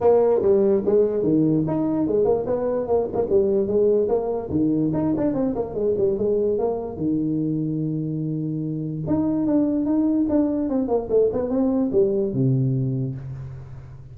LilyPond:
\new Staff \with { instrumentName = "tuba" } { \time 4/4 \tempo 4 = 146 ais4 g4 gis4 dis4 | dis'4 gis8 ais8 b4 ais8 gis16 ais16 | g4 gis4 ais4 dis4 | dis'8 d'8 c'8 ais8 gis8 g8 gis4 |
ais4 dis2.~ | dis2 dis'4 d'4 | dis'4 d'4 c'8 ais8 a8 b8 | c'4 g4 c2 | }